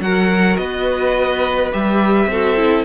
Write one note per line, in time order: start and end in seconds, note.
0.00 0.57 F#3
0.00 1.72 F#4
0.00 0.60 A#4
0.00 0.57 F#5
0.57 1.72 B3
0.57 2.30 B4
0.57 1.71 D#5
1.72 2.26 G3
1.72 2.29 G4
1.72 2.84 E5
2.26 2.83 C4
2.26 2.56 F#4
2.26 2.84 A4
2.56 2.84 E4